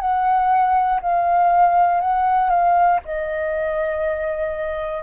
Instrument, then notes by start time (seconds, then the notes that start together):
flute
0.00 F#5
1.01 F5
2.00 F#5
2.50 F5
3.05 D#5